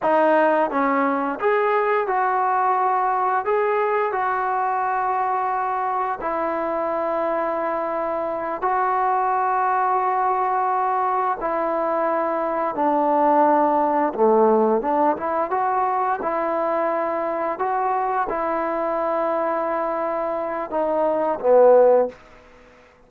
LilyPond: \new Staff \with { instrumentName = "trombone" } { \time 4/4 \tempo 4 = 87 dis'4 cis'4 gis'4 fis'4~ | fis'4 gis'4 fis'2~ | fis'4 e'2.~ | e'8 fis'2.~ fis'8~ |
fis'8 e'2 d'4.~ | d'8 a4 d'8 e'8 fis'4 e'8~ | e'4. fis'4 e'4.~ | e'2 dis'4 b4 | }